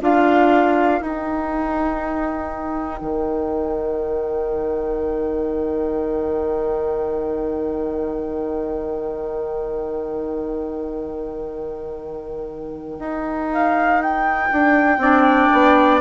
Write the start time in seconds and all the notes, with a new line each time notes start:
0.00 D4 F4 A#4 F5
1.00 D#4 G5
3.01 D#3
12.99 D#4
13.52 F5
14.01 G5
14.52 D4
14.97 C4 D4 D5
15.52 B3